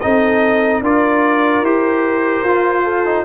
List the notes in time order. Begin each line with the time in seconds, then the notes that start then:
0.00 C4 D#4 A4 D#5
0.81 D4 F4 A#4 D5
1.61 E4 G4 C5
2.44 F4
2.83 A4
3.05 D#4